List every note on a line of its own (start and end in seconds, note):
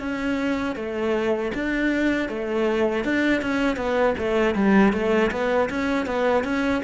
0.00 0.76 C#4
0.76 1.52 A3
1.55 2.29 D4
2.29 3.05 A3
3.05 3.42 D4
3.42 3.77 C#4
3.77 4.15 B3
4.18 4.55 A3
4.55 4.93 G3
4.93 5.31 A3
5.32 5.70 B3
5.70 6.07 C#4
6.07 6.45 B3
6.45 6.83 C#4